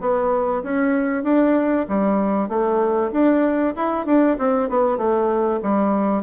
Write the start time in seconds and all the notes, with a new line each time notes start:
0.00 B3
0.63 C#4
1.24 D4
1.88 G3
2.49 A3
3.12 D4
3.76 E4
4.06 D4
4.38 C4
4.69 B3
4.97 A3
5.62 G3